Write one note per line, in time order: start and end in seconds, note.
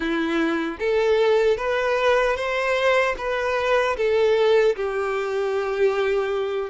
0.00 0.78 E4
0.79 1.57 A4
1.57 2.36 B4
2.36 3.15 C5
3.17 3.96 B4
3.96 4.75 A4
4.76 6.69 G4